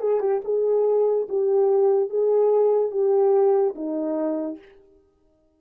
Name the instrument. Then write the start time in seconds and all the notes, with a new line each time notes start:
horn
0.00 G#4
0.20 G4
0.44 G#4
1.29 G4
2.10 G#4
2.91 G4
3.75 D#4